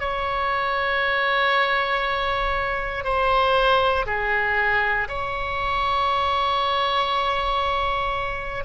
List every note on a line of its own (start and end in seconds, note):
0.00 3.05 C#5
3.05 4.06 C5
4.06 5.08 G#4
5.08 8.64 C#5